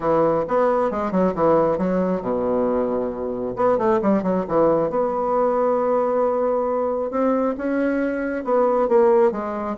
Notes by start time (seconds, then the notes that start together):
0.00 E3
0.48 B3
0.90 G#3
1.11 F#3
1.34 E3
1.78 F#3
2.21 B2
3.56 B3
3.77 A3
4.02 G3
4.22 F#3
4.47 E3
4.89 B3
7.10 C4
7.57 C#4
8.44 B3
8.88 A#3
9.31 G#3